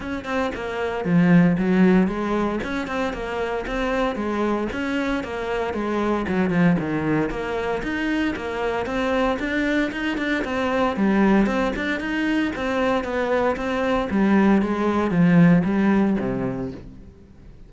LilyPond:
\new Staff \with { instrumentName = "cello" } { \time 4/4 \tempo 4 = 115 cis'8 c'8 ais4 f4 fis4 | gis4 cis'8 c'8 ais4 c'4 | gis4 cis'4 ais4 gis4 | fis8 f8 dis4 ais4 dis'4 |
ais4 c'4 d'4 dis'8 d'8 | c'4 g4 c'8 d'8 dis'4 | c'4 b4 c'4 g4 | gis4 f4 g4 c4 | }